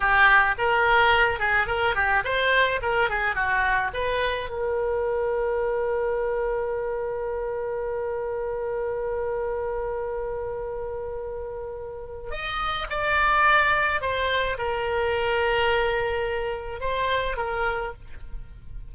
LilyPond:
\new Staff \with { instrumentName = "oboe" } { \time 4/4 \tempo 4 = 107 g'4 ais'4. gis'8 ais'8 g'8 | c''4 ais'8 gis'8 fis'4 b'4 | ais'1~ | ais'1~ |
ais'1~ | ais'2 dis''4 d''4~ | d''4 c''4 ais'2~ | ais'2 c''4 ais'4 | }